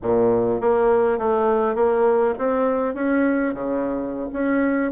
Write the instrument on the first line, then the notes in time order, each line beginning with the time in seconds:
bassoon
0.02 A#2
0.60 A#3
1.18 A3
1.75 A#3
2.38 C4
2.94 C#4
3.53 C#3
4.32 C#4